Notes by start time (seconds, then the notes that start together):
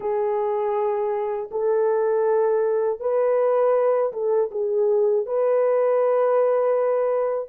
0.00 G#4
1.51 A4
3.00 B4
4.12 A4
4.51 G#4
5.26 B4